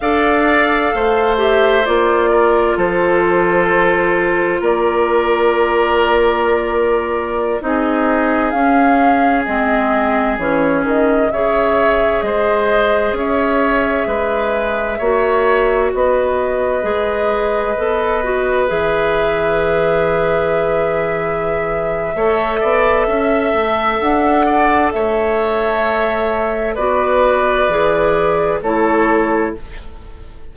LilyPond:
<<
  \new Staff \with { instrumentName = "flute" } { \time 4/4 \tempo 4 = 65 f''4. e''8 d''4 c''4~ | c''4 d''2.~ | d''16 dis''4 f''4 dis''4 cis''8 dis''16~ | dis''16 e''4 dis''4 e''4.~ e''16~ |
e''4~ e''16 dis''2~ dis''8.~ | dis''16 e''2.~ e''8.~ | e''2 fis''4 e''4~ | e''4 d''2 cis''4 | }
  \new Staff \with { instrumentName = "oboe" } { \time 4/4 d''4 c''4. ais'8 a'4~ | a'4 ais'2.~ | ais'16 gis'2.~ gis'8.~ | gis'16 cis''4 c''4 cis''4 b'8.~ |
b'16 cis''4 b'2~ b'8.~ | b'1 | cis''8 d''8 e''4. d''8 cis''4~ | cis''4 b'2 a'4 | }
  \new Staff \with { instrumentName = "clarinet" } { \time 4/4 a'4. g'8 f'2~ | f'1~ | f'16 dis'4 cis'4 c'4 cis'8.~ | cis'16 gis'2.~ gis'8.~ |
gis'16 fis'2 gis'4 a'8 fis'16~ | fis'16 gis'2.~ gis'8. | a'1~ | a'4 fis'4 gis'4 e'4 | }
  \new Staff \with { instrumentName = "bassoon" } { \time 4/4 d'4 a4 ais4 f4~ | f4 ais2.~ | ais16 c'4 cis'4 gis4 e8 dis16~ | dis16 cis4 gis4 cis'4 gis8.~ |
gis16 ais4 b4 gis4 b8.~ | b16 e2.~ e8. | a8 b8 cis'8 a8 d'4 a4~ | a4 b4 e4 a4 | }
>>